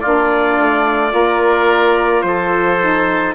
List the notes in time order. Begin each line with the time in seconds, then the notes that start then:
0.00 A#3 D4 F4 D5
0.58 A3
1.09 A#3 F4 A#4
2.22 F3 A4 C5
2.80 D#4